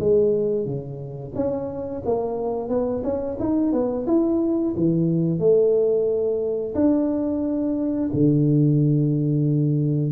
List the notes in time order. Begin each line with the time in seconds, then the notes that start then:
0.00 G#3
0.66 C#3
1.35 C#4
2.06 A#3
2.69 B3
3.04 C#4
3.40 D#4
3.73 B3
4.07 E4
4.77 E3
5.40 A3
6.75 D4
8.13 D3